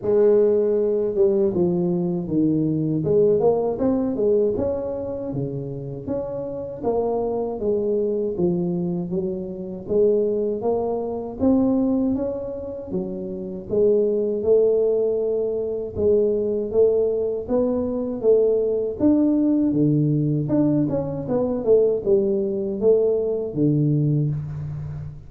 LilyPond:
\new Staff \with { instrumentName = "tuba" } { \time 4/4 \tempo 4 = 79 gis4. g8 f4 dis4 | gis8 ais8 c'8 gis8 cis'4 cis4 | cis'4 ais4 gis4 f4 | fis4 gis4 ais4 c'4 |
cis'4 fis4 gis4 a4~ | a4 gis4 a4 b4 | a4 d'4 d4 d'8 cis'8 | b8 a8 g4 a4 d4 | }